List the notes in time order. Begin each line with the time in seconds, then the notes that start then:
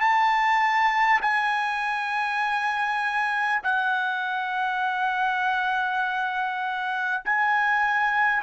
0.00 A5
1.21 G#5
3.63 F#5
7.24 G#5